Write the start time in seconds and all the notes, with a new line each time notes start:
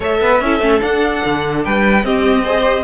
0.00 A3 A4 C#5 E5
0.20 B3 B4
0.40 C#4 E4 A4
0.60 A3 C#4
0.79 D4 F#5
1.25 D3
1.64 G3 B4 G5
2.02 C4 G4 D#5
2.43 G#4 C5
2.62 G4